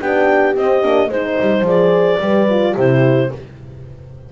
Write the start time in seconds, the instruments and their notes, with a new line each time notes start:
0.00 double bass B3, horn D4 G4, clarinet G5
0.56 double bass C4, horn C4, clarinet D#5
0.82 double bass A#3, horn D4
1.08 double bass G#3, horn D#4 C5, clarinet C5
1.40 double bass G3
1.61 double bass F3, horn G#4, clarinet D5
2.20 double bass G3, horn G4 B4
2.50 horn F4
2.74 double bass C3, horn E4 G4, clarinet C5